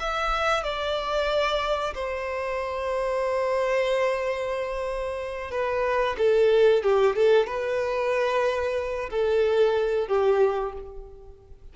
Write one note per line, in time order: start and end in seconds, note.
0.00 0.63 E5
0.63 1.94 D5
1.94 5.51 C5
5.51 6.16 B4
6.18 6.83 A4
6.83 7.16 G4
7.16 7.46 A4
7.46 9.10 B4
9.10 10.08 A4
10.08 10.73 G4